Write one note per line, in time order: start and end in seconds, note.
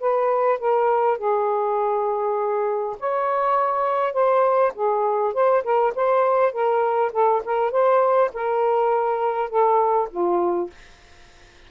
0.00 0.59 B4
0.59 1.18 A#4
1.18 2.96 G#4
2.99 4.13 C#5
4.13 4.72 C5
4.75 5.34 G#4
5.34 5.63 C5
5.64 5.93 A#4
5.95 6.52 C5
6.52 7.12 A#4
7.12 7.42 A4
7.44 7.71 A#4
7.71 8.31 C5
8.33 9.49 A#4
9.49 10.09 A4
10.11 10.70 F4